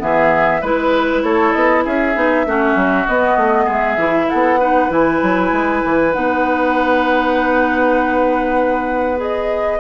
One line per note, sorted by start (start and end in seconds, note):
0.00 0.62 E3
0.00 0.61 B3
0.00 0.62 G#4
0.00 0.63 E5
0.62 1.23 G#3
0.62 2.15 E4
0.62 1.23 B4
0.62 1.24 B4
1.23 1.54 A3
1.23 1.85 A4
1.23 1.53 C#5
1.53 1.86 B3
1.53 1.83 D#5
1.85 2.15 C#4
1.85 2.46 G#4
1.85 3.08 E5
2.15 2.46 B3
2.15 2.46 D#4
2.46 2.76 A3
2.46 3.08 C#4
2.46 3.65 F#4
2.76 3.06 F#3
3.08 3.98 B3
3.08 3.37 B3
3.08 3.69 D#5
3.37 3.67 A3
3.65 3.97 G#3
3.65 4.26 G#4
3.72 4.30 E5
3.97 4.28 E3
3.97 4.59 E4
4.30 4.91 B3
4.30 4.60 A4
4.30 4.91 F#5
4.60 4.90 D#4
4.60 9.80 B4
4.90 5.21 E3
4.90 6.12 E4
4.90 6.13 G#5
5.22 5.52 F#3
5.52 5.83 G#3
5.85 6.15 E3
6.13 9.80 B3
6.13 9.17 D#4
6.13 9.19 F#5
9.17 9.78 G#4
9.17 9.80 D#5